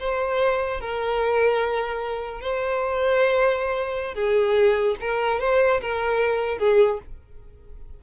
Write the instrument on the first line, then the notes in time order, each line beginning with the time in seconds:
violin
0.00 C5
0.81 A#4
2.41 C5
4.14 G#4
5.01 A#4
5.40 C5
5.81 A#4
6.59 G#4